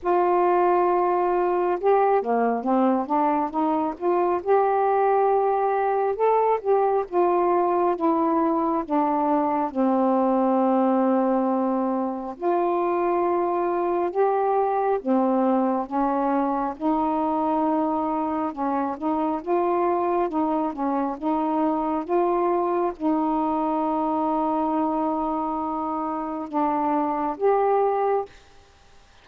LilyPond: \new Staff \with { instrumentName = "saxophone" } { \time 4/4 \tempo 4 = 68 f'2 g'8 ais8 c'8 d'8 | dis'8 f'8 g'2 a'8 g'8 | f'4 e'4 d'4 c'4~ | c'2 f'2 |
g'4 c'4 cis'4 dis'4~ | dis'4 cis'8 dis'8 f'4 dis'8 cis'8 | dis'4 f'4 dis'2~ | dis'2 d'4 g'4 | }